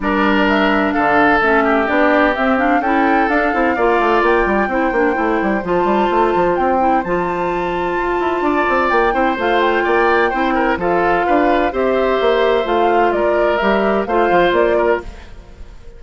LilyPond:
<<
  \new Staff \with { instrumentName = "flute" } { \time 4/4 \tempo 4 = 128 d''4 e''4 f''4 e''4 | d''4 e''8 f''8 g''4 f''4~ | f''4 g''2. | a''2 g''4 a''4~ |
a''2. g''4 | f''8 g''2~ g''8 f''4~ | f''4 e''2 f''4 | d''4 e''4 f''4 d''4 | }
  \new Staff \with { instrumentName = "oboe" } { \time 4/4 ais'2 a'4. g'8~ | g'2 a'2 | d''2 c''2~ | c''1~ |
c''2 d''4. c''8~ | c''4 d''4 c''8 ais'8 a'4 | b'4 c''2. | ais'2 c''4. ais'8 | }
  \new Staff \with { instrumentName = "clarinet" } { \time 4/4 d'2. cis'4 | d'4 c'8 d'8 e'4 d'8 e'8 | f'2 e'8 d'8 e'4 | f'2~ f'8 e'8 f'4~ |
f'2.~ f'8 e'8 | f'2 e'4 f'4~ | f'4 g'2 f'4~ | f'4 g'4 f'2 | }
  \new Staff \with { instrumentName = "bassoon" } { \time 4/4 g2 d4 a4 | b4 c'4 cis'4 d'8 c'8 | ais8 a8 ais8 g8 c'8 ais8 a8 g8 | f8 g8 a8 f8 c'4 f4~ |
f4 f'8 e'8 d'8 c'8 ais8 c'8 | a4 ais4 c'4 f4 | d'4 c'4 ais4 a4 | gis4 g4 a8 f8 ais4 | }
>>